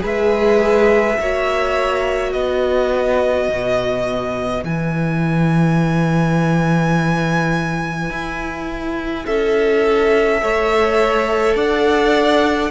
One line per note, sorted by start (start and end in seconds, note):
0.00 1.19 G#3
0.00 1.15 G#4
0.00 1.19 B4
0.06 2.33 E5
1.19 2.34 A#3
1.19 4.66 F#4
1.19 2.33 C#5
2.33 3.49 B3
2.33 9.25 B4
2.33 4.64 D#5
3.49 4.64 B2
4.64 8.10 E3
4.64 10.42 E4
4.64 9.26 G#5
8.10 9.25 E4
9.26 10.43 C#4
9.26 10.42 A4
9.26 11.57 E5
10.42 11.56 A3
10.42 12.71 A4
10.42 11.56 C#5
11.56 12.71 D4
11.56 12.71 D5
11.56 12.71 F#5